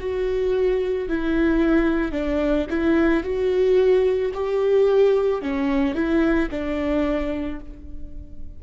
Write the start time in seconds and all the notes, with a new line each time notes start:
0.00 F#4
1.09 E4
2.12 D4
2.70 E4
3.24 F#4
4.34 G4
5.42 C#4
5.95 E4
6.51 D4